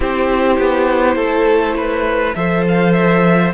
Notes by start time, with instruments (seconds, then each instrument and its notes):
0.00 cello C4, viola E4, violin G4 C5
0.58 cello B3
1.15 cello A3, violin A4
1.76 violin B4
2.34 cello F3, viola A4, violin C5 E5
2.68 violin F5
2.92 violin E5